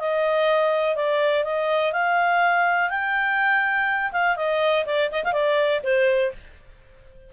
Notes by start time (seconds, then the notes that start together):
0.00 D#5
0.96 D5
1.45 D#5
1.93 F5
2.90 G5
4.13 F5
4.37 D#5
4.86 D5
5.12 D#5
5.25 F5
5.33 D5
5.84 C5